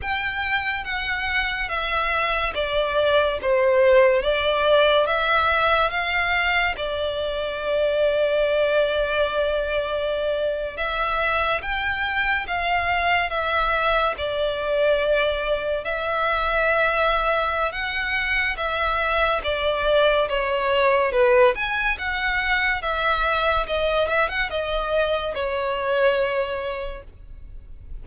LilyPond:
\new Staff \with { instrumentName = "violin" } { \time 4/4 \tempo 4 = 71 g''4 fis''4 e''4 d''4 | c''4 d''4 e''4 f''4 | d''1~ | d''8. e''4 g''4 f''4 e''16~ |
e''8. d''2 e''4~ e''16~ | e''4 fis''4 e''4 d''4 | cis''4 b'8 gis''8 fis''4 e''4 | dis''8 e''16 fis''16 dis''4 cis''2 | }